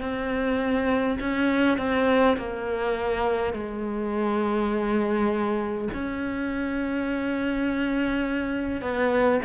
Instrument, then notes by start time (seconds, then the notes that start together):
cello
0.00 C4
1.20 C#4
1.78 C4
2.37 A#3
3.53 G#3
5.93 C#4
8.81 B3